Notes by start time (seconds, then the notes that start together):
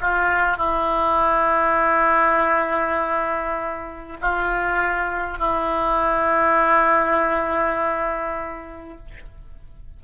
0.00 F4
0.57 E4
4.21 F4
5.38 E4